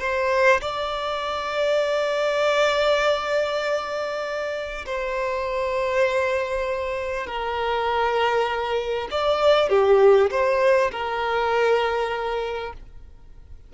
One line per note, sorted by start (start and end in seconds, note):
0.00 0.61 C5
0.61 4.85 D5
4.86 7.26 C5
7.26 9.08 A#4
9.11 9.69 D5
9.69 10.30 G4
10.30 10.91 C5
10.91 12.73 A#4